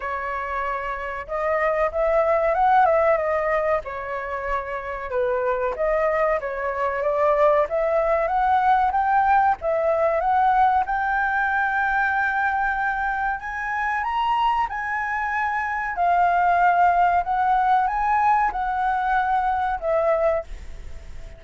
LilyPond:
\new Staff \with { instrumentName = "flute" } { \time 4/4 \tempo 4 = 94 cis''2 dis''4 e''4 | fis''8 e''8 dis''4 cis''2 | b'4 dis''4 cis''4 d''4 | e''4 fis''4 g''4 e''4 |
fis''4 g''2.~ | g''4 gis''4 ais''4 gis''4~ | gis''4 f''2 fis''4 | gis''4 fis''2 e''4 | }